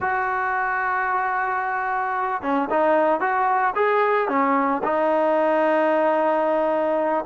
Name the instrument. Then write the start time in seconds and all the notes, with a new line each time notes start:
trombone
0.00 F#4
2.42 C#4
2.70 D#4
3.20 F#4
3.75 G#4
4.28 C#4
4.83 D#4